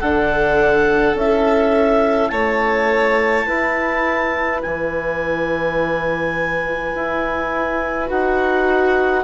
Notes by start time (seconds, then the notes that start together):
0.00 D3 D4 A4 F#5
1.15 C#4 E4 E5
2.29 A3 C#5 A5
3.47 E4 B4
4.62 E3 G#5
6.95 E4
8.07 D#4 F#4 F#5